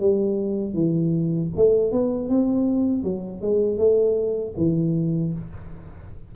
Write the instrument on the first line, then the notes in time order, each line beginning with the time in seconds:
tuba
0.00 G3
0.74 E3
1.56 A3
1.92 B3
2.29 C4
3.03 F#3
3.41 G#3
3.78 A3
4.57 E3